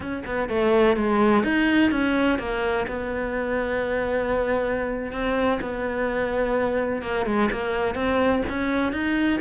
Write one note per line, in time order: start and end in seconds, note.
0.00 0.23 C#4
0.25 0.48 B3
0.48 0.96 A3
0.96 1.43 G#3
1.43 1.91 D#4
1.91 2.38 C#4
2.38 2.86 A#3
2.87 5.11 B3
5.11 5.59 C4
5.61 7.02 B3
7.02 7.26 A#3
7.26 7.49 G#3
7.51 7.94 A#3
7.94 8.42 C4
8.49 8.92 C#4
8.92 9.40 D#4